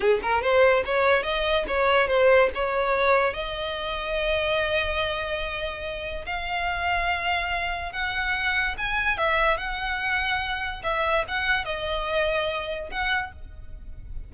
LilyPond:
\new Staff \with { instrumentName = "violin" } { \time 4/4 \tempo 4 = 144 gis'8 ais'8 c''4 cis''4 dis''4 | cis''4 c''4 cis''2 | dis''1~ | dis''2. f''4~ |
f''2. fis''4~ | fis''4 gis''4 e''4 fis''4~ | fis''2 e''4 fis''4 | dis''2. fis''4 | }